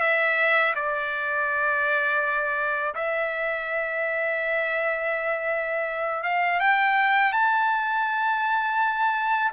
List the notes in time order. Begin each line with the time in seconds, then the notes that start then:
0.00 E5
0.75 D5
2.94 E5
6.23 F5
6.60 G5
7.32 A5